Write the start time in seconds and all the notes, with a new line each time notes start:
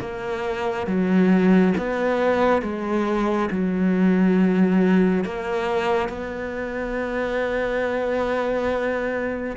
0.00 A#3
0.87 F#3
1.77 B3
2.62 G#3
3.51 F#3
5.24 A#3
6.08 B3